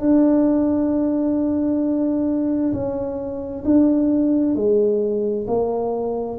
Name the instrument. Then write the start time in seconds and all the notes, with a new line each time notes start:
tuba
0.00 D4
2.73 C#4
3.64 D4
4.55 G#3
5.48 A#3